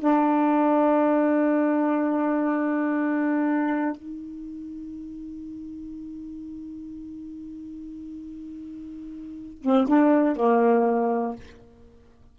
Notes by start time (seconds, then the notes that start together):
0.00 D4
3.97 D#4
9.63 C4
9.88 D4
10.37 A#3